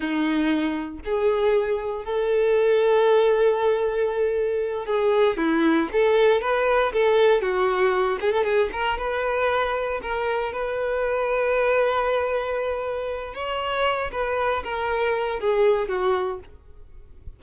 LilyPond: \new Staff \with { instrumentName = "violin" } { \time 4/4 \tempo 4 = 117 dis'2 gis'2 | a'1~ | a'4. gis'4 e'4 a'8~ | a'8 b'4 a'4 fis'4. |
gis'16 a'16 gis'8 ais'8 b'2 ais'8~ | ais'8 b'2.~ b'8~ | b'2 cis''4. b'8~ | b'8 ais'4. gis'4 fis'4 | }